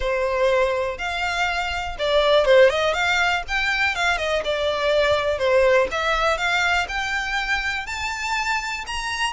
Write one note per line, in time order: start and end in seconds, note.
0.00 0.98 C5
0.98 1.96 F5
1.99 2.45 D5
2.45 2.69 C5
2.69 2.93 D#5
2.93 3.42 F5
3.48 3.95 G5
3.95 4.17 F5
4.17 4.42 D#5
4.44 5.38 D5
5.38 5.87 C5
5.91 6.37 E5
6.37 6.87 F5
6.88 7.86 G5
7.86 8.84 A5
8.87 9.32 A#5